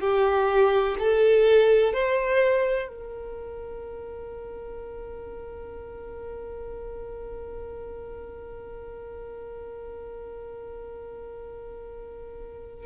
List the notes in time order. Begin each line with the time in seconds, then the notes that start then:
0.00 G4
0.98 A4
1.93 C5
2.88 A#4